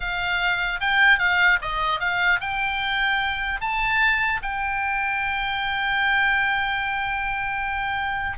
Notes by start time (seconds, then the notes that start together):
0.00 F5
0.80 G5
1.18 F5
1.61 D#5
1.99 F5
2.40 G5
3.61 A5
4.42 G5